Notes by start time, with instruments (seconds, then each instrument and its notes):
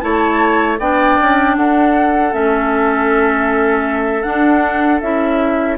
0.00 bassoon A3, clarinet E4, oboe C#5, flute A5
0.79 bassoon B3, clarinet D4, oboe D5, flute G5
1.21 bassoon C#4
1.56 bassoon D4, oboe A4, flute F#5
2.31 bassoon A3, clarinet C#4, flute E5
4.22 clarinet D4, bassoon D4, flute F#5
5.00 bassoon C#4, clarinet E4, flute E5